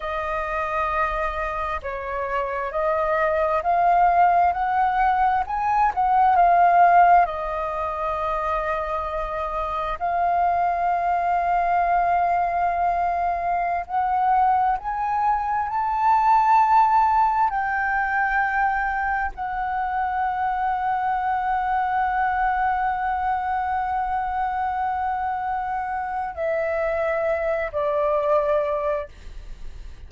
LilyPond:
\new Staff \with { instrumentName = "flute" } { \time 4/4 \tempo 4 = 66 dis''2 cis''4 dis''4 | f''4 fis''4 gis''8 fis''8 f''4 | dis''2. f''4~ | f''2.~ f''16 fis''8.~ |
fis''16 gis''4 a''2 g''8.~ | g''4~ g''16 fis''2~ fis''8.~ | fis''1~ | fis''4 e''4. d''4. | }